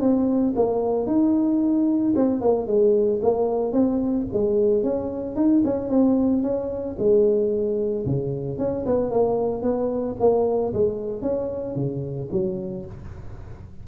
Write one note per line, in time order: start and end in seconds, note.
0.00 0.54 C4
0.56 1.07 A#3
1.07 2.14 D#4
2.16 2.41 C4
2.41 2.67 A#3
2.67 3.20 G#3
3.22 3.73 A#3
3.73 4.26 C4
4.33 4.83 G#3
4.83 5.35 C#4
5.35 5.62 D#4
5.64 5.89 C#4
5.89 6.42 C4
6.42 6.96 C#4
6.98 8.05 G#3
8.06 8.58 C#3
8.58 8.85 C#4
8.86 9.10 B3
9.10 9.62 A#3
9.62 10.16 B3
10.19 10.73 A#3
10.73 11.22 G#3
11.22 11.75 C#4
11.75 12.29 C#3
12.32 12.85 F#3